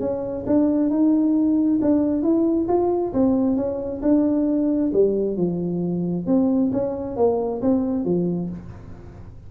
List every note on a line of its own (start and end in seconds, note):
0.00 0.45 C#4
0.46 0.90 D4
0.90 1.79 D#4
1.82 2.22 D4
2.22 2.67 E4
2.68 3.13 F4
3.13 3.56 C4
3.56 4.01 C#4
4.02 4.92 D4
4.93 5.36 G3
5.36 6.26 F3
6.26 6.71 C4
6.72 7.16 C#4
7.16 7.61 A#3
7.62 8.05 C4
8.05 8.50 F3